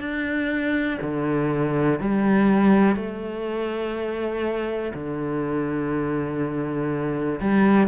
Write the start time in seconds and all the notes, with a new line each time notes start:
0.00 D4
1.02 D3
2.00 G3
2.96 A3
4.94 D3
7.41 G3